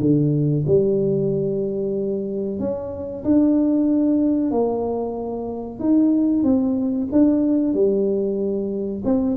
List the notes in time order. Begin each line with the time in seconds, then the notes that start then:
0.00 D3
0.67 G3
2.60 C#4
3.24 D4
4.51 A#3
5.79 D#4
6.43 C4
7.12 D4
7.74 G3
9.04 C4